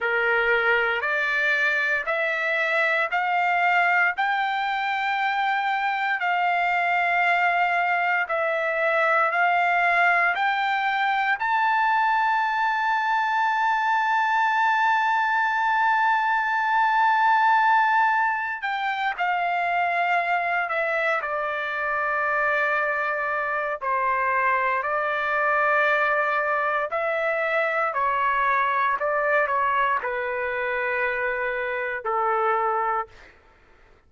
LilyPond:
\new Staff \with { instrumentName = "trumpet" } { \time 4/4 \tempo 4 = 58 ais'4 d''4 e''4 f''4 | g''2 f''2 | e''4 f''4 g''4 a''4~ | a''1~ |
a''2 g''8 f''4. | e''8 d''2~ d''8 c''4 | d''2 e''4 cis''4 | d''8 cis''8 b'2 a'4 | }